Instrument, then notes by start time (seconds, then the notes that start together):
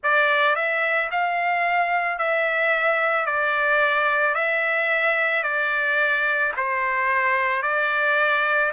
trumpet
0.03 D5
0.55 E5
1.11 F5
2.18 E5
3.26 D5
4.34 E5
5.42 D5
6.57 C5
7.62 D5